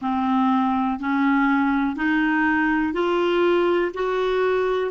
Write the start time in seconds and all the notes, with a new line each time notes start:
0.01 C4
0.99 C#4
1.96 D#4
2.93 F4
3.93 F#4